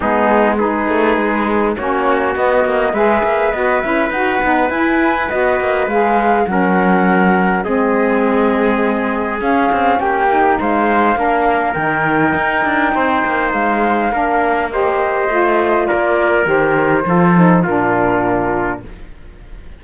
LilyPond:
<<
  \new Staff \with { instrumentName = "flute" } { \time 4/4 \tempo 4 = 102 gis'4 b'2 cis''4 | dis''4 e''4 dis''8 e''8 fis''4 | gis''4 dis''4 f''4 fis''4~ | fis''4 dis''2. |
f''4 g''4 f''2 | g''2. f''4~ | f''4 dis''2 d''4 | c''2 ais'2 | }
  \new Staff \with { instrumentName = "trumpet" } { \time 4/4 dis'4 gis'2 fis'4~ | fis'4 b'2.~ | b'2. ais'4~ | ais'4 gis'2.~ |
gis'4 g'4 c''4 ais'4~ | ais'2 c''2 | ais'4 c''2 ais'4~ | ais'4 a'4 f'2 | }
  \new Staff \with { instrumentName = "saxophone" } { \time 4/4 b4 dis'2 cis'4 | b4 gis'4 fis'8 e'8 fis'8 dis'8 | e'4 fis'4 gis'4 cis'4~ | cis'4 c'2. |
cis'4. dis'4. d'4 | dis'1 | d'4 g'4 f'2 | g'4 f'8 dis'8 d'2 | }
  \new Staff \with { instrumentName = "cello" } { \time 4/4 gis4. a8 gis4 ais4 | b8 ais8 gis8 ais8 b8 cis'8 dis'8 b8 | e'4 b8 ais8 gis4 fis4~ | fis4 gis2. |
cis'8 c'8 ais4 gis4 ais4 | dis4 dis'8 d'8 c'8 ais8 gis4 | ais2 a4 ais4 | dis4 f4 ais,2 | }
>>